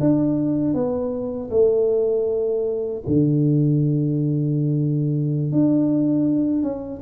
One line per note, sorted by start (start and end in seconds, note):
0.00 0.74 D4
0.74 1.50 B3
1.51 3.02 A3
3.07 5.52 D3
5.52 6.63 D4
6.63 7.01 C#4